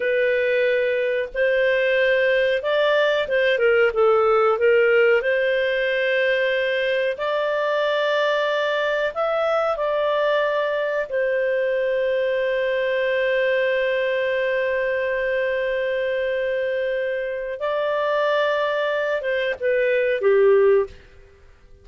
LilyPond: \new Staff \with { instrumentName = "clarinet" } { \time 4/4 \tempo 4 = 92 b'2 c''2 | d''4 c''8 ais'8 a'4 ais'4 | c''2. d''4~ | d''2 e''4 d''4~ |
d''4 c''2.~ | c''1~ | c''2. d''4~ | d''4. c''8 b'4 g'4 | }